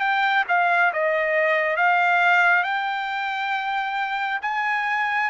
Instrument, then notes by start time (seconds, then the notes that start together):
trumpet
0.00 G5
0.48 F5
0.93 D#5
1.77 F5
2.63 G5
4.42 G#5